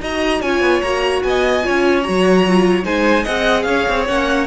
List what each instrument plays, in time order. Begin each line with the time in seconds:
0.00 cello D#4, viola F#4, violin D#5 A#5
0.41 cello C#4, viola F4, violin C#5 G#5
0.60 cello B3
0.81 cello A#3, viola F#4, violin A#5
1.22 cello B3, violin D#5 G#5
1.62 viola F4, violin C#5
1.68 cello C#4
2.02 cello F#3, viola F#4, violin A#5
2.47 viola F4
2.83 cello G#3, viola D#4, violin C5 G#5
3.23 cello C4, viola G#4, violin D#5 F#5
3.62 cello C#4, violin C#5 F5
3.88 cello C4
4.07 cello A#3, viola C#4, violin F#5